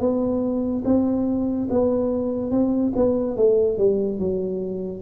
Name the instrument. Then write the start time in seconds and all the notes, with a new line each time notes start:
tuba
0.00 B3
0.85 C4
1.70 B3
2.51 C4
2.96 B3
3.37 A3
3.78 G3
4.19 F#3